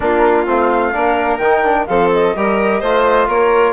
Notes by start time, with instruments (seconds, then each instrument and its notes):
0.00 bassoon A#3, trombone D4, violin F4, flute A#4
0.46 bassoon A3, trombone C4, flute F5
0.93 bassoon A#3, trombone D4, violin A#4
1.38 bassoon D#3, trombone D#4, flute G5
1.64 trombone D4
1.86 bassoon F3, trombone C4, violin A4, flute F5
2.12 flute D#5
2.35 bassoon G3, trombone G4, violin A#4
2.80 bassoon A3, trombone F4, violin C5
3.27 bassoon A#3, violin A#4, flute C#5